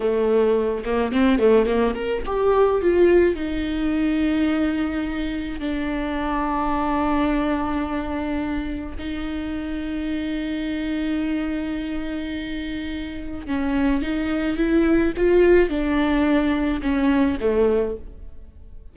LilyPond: \new Staff \with { instrumentName = "viola" } { \time 4/4 \tempo 4 = 107 a4. ais8 c'8 a8 ais8 ais'8 | g'4 f'4 dis'2~ | dis'2 d'2~ | d'1 |
dis'1~ | dis'1 | cis'4 dis'4 e'4 f'4 | d'2 cis'4 a4 | }